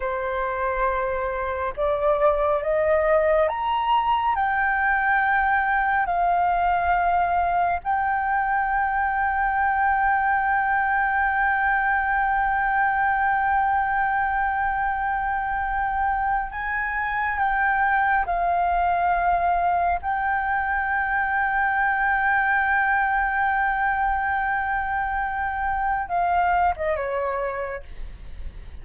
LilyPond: \new Staff \with { instrumentName = "flute" } { \time 4/4 \tempo 4 = 69 c''2 d''4 dis''4 | ais''4 g''2 f''4~ | f''4 g''2.~ | g''1~ |
g''2. gis''4 | g''4 f''2 g''4~ | g''1~ | g''2 f''8. dis''16 cis''4 | }